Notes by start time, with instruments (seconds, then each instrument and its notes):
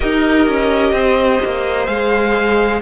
0.00 cello D#4, viola G4, violin A#4 D#5
0.47 cello C#4
0.92 cello C4, violin C5
1.45 cello A#3
1.86 cello G#3, viola G#4, violin F5